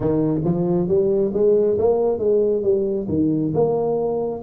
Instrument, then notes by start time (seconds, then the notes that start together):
tuba
0.00 D#3
0.44 F3
0.87 G3
1.33 G#3
1.78 A#3
2.18 G#3
2.62 G3
3.08 D#3
3.54 A#3